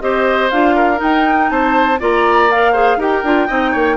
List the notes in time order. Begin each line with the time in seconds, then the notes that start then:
0.00 C4 G4 C5 D#5
0.50 D4 F4 F5
0.75 A#4
0.96 D#4
1.02 G5
1.49 C4 C5 A5
1.99 A#3 F4 D5 A#5
2.51 A#4 F5
2.72 G#4 C5
2.96 D#4 G4 A#4 G5
3.23 D4 F4
3.47 C4 D#4 D#5
3.71 A#3 C#5